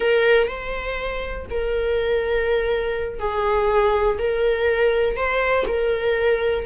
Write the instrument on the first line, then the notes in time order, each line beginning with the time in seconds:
viola
0.00 A#4
0.47 C5
1.50 A#4
3.19 G#4
4.18 A#4
5.16 C5
5.67 A#4